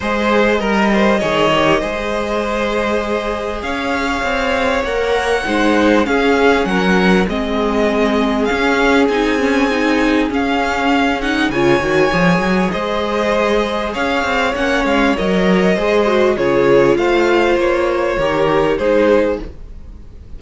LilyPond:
<<
  \new Staff \with { instrumentName = "violin" } { \time 4/4 \tempo 4 = 99 dis''1~ | dis''2 f''2 | fis''2 f''4 fis''4 | dis''2 f''4 gis''4~ |
gis''4 f''4. fis''8 gis''4~ | gis''4 dis''2 f''4 | fis''8 f''8 dis''2 cis''4 | f''4 cis''2 c''4 | }
  \new Staff \with { instrumentName = "violin" } { \time 4/4 c''4 ais'8 c''8 cis''4 c''4~ | c''2 cis''2~ | cis''4 c''4 gis'4 ais'4 | gis'1~ |
gis'2. cis''4~ | cis''4 c''2 cis''4~ | cis''2 c''4 gis'4 | c''2 ais'4 gis'4 | }
  \new Staff \with { instrumentName = "viola" } { \time 4/4 gis'4 ais'4 gis'8 g'8 gis'4~ | gis'1 | ais'4 dis'4 cis'2 | c'2 cis'4 dis'8 cis'8 |
dis'4 cis'4. dis'8 f'8 fis'8 | gis'1 | cis'4 ais'4 gis'8 fis'8 f'4~ | f'2 g'4 dis'4 | }
  \new Staff \with { instrumentName = "cello" } { \time 4/4 gis4 g4 dis4 gis4~ | gis2 cis'4 c'4 | ais4 gis4 cis'4 fis4 | gis2 cis'4 c'4~ |
c'4 cis'2 cis8 dis8 | f8 fis8 gis2 cis'8 c'8 | ais8 gis8 fis4 gis4 cis4 | a4 ais4 dis4 gis4 | }
>>